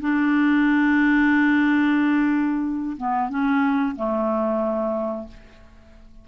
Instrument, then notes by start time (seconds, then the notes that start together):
clarinet
0.00 D4
2.97 B3
3.29 C#4
3.96 A3